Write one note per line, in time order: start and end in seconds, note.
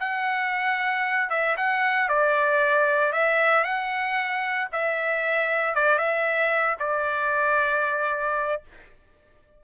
0.00 1.30 F#5
1.30 1.56 E5
1.57 2.08 F#5
2.08 3.13 D5
3.13 3.64 E5
3.64 4.68 F#5
4.72 5.75 E5
5.75 5.98 D5
5.98 6.76 E5
6.79 8.62 D5